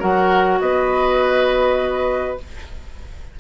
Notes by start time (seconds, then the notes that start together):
0.00 F#3 F#4 A#4 F#5
0.60 B3 B4 D#5